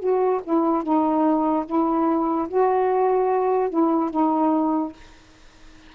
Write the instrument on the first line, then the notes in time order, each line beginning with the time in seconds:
saxophone
0.00 F#4
0.44 E4
0.83 D#4
1.66 E4
2.48 F#4
3.70 E4
4.11 D#4